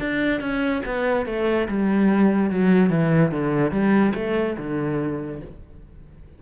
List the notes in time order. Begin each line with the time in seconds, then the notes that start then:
0.00 D4
0.41 C#4
0.86 B3
1.26 A3
1.68 G3
2.50 F#3
2.90 E3
3.32 D3
3.71 G3
4.15 A3
4.58 D3